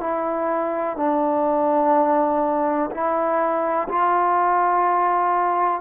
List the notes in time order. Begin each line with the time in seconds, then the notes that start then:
0.00 E4
0.96 D4
2.91 E4
3.88 F4